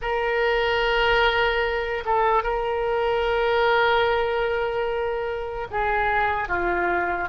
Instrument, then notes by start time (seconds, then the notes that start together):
oboe
0.01 A#4
2.05 A4
2.43 A#4
5.70 G#4
6.48 F4